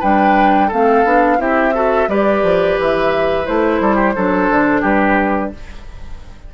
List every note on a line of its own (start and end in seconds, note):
0.00 0.72 G3
0.00 0.71 D4
0.00 0.68 B4
0.00 0.71 G5
0.68 1.05 A3
0.68 1.06 C4
0.68 1.37 A4
0.68 1.41 F5
1.05 1.39 B3
1.05 1.38 D4
1.38 2.08 C4
1.38 1.73 E4
1.38 1.75 G4
1.38 2.10 E5
1.74 2.09 F#4
1.74 2.09 A4
2.09 2.43 G3
2.09 3.46 G4
2.09 3.82 B4
2.09 2.79 D5
2.43 2.78 F3
2.79 3.48 E3
2.79 3.46 E5
3.46 3.81 A3
3.46 4.15 E4
3.46 4.84 C5
3.81 4.16 G3
3.81 3.96 A4
3.96 4.13 G4
4.16 4.50 F#3
4.16 5.54 D4
4.16 4.81 A4
4.50 4.84 D3
4.81 5.53 G3
4.81 5.50 G4
4.81 5.53 B4